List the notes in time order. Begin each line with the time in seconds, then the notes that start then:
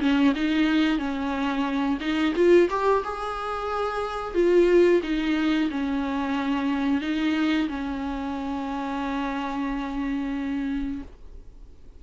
0.00 C#4
0.35 D#4
0.98 C#4
2.00 D#4
2.36 F4
2.70 G4
3.04 G#4
4.35 F4
5.03 D#4
5.70 C#4
7.02 D#4
7.68 C#4